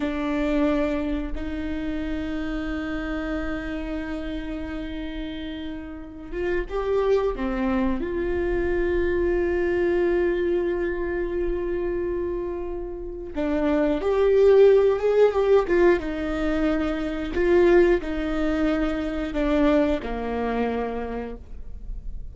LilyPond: \new Staff \with { instrumentName = "viola" } { \time 4/4 \tempo 4 = 90 d'2 dis'2~ | dis'1~ | dis'4. f'8 g'4 c'4 | f'1~ |
f'1 | d'4 g'4. gis'8 g'8 f'8 | dis'2 f'4 dis'4~ | dis'4 d'4 ais2 | }